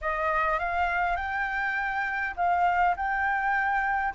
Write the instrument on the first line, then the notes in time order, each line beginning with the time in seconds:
flute
0.01 D#5
0.59 F5
1.16 G5
2.36 F5
2.96 G5